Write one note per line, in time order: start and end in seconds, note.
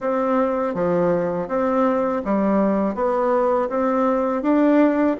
0.00 0.74 C4
0.74 1.48 F3
1.48 2.22 C4
2.25 2.94 G3
2.94 3.68 B3
3.69 4.42 C4
4.42 5.16 D4